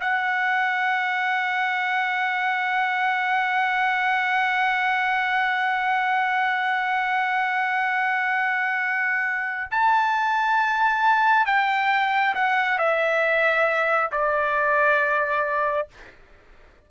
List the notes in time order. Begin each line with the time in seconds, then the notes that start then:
0.00 F#5
9.71 A5
11.46 G5
12.35 F#5
12.79 E5
14.11 D5